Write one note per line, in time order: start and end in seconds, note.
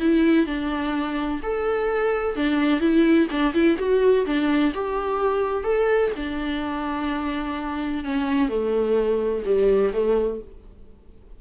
0.00 0.46 E4
0.46 1.41 D4
1.43 2.36 A4
2.36 2.80 D4
2.80 3.27 E4
3.31 3.54 D4
3.54 3.78 E4
3.78 4.25 F#4
4.26 4.73 D4
4.74 5.64 G4
5.64 6.11 A4
6.16 8.04 D4
8.04 8.49 C#4
8.49 9.44 A3
9.45 9.92 G3
9.94 10.41 A3